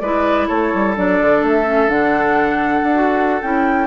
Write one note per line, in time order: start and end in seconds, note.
0.00 0.48 G#3
0.00 0.96 E4
0.00 0.48 B4
0.00 0.47 D5
0.48 0.73 A3
0.48 3.87 A4
0.48 0.95 C#5
0.74 0.97 G3
0.96 1.20 F#3
0.96 1.64 D4
0.96 1.45 D5
1.21 1.42 D3
1.42 1.88 A3
1.42 1.90 E5
1.64 1.88 C#4
1.88 2.82 D3
1.88 2.93 D4
1.88 3.42 F#5
2.83 3.41 D4
2.94 3.41 F#4
3.42 3.87 C#4
3.42 3.87 E4
3.42 3.87 G5